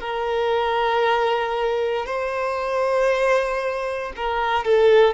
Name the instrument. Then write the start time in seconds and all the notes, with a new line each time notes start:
violin
0.00 A#4
2.06 C5
4.17 A#4
4.65 A4